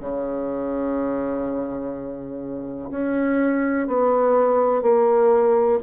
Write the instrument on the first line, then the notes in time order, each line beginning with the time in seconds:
bassoon
0.00 C#3
2.91 C#4
3.87 B3
4.82 A#3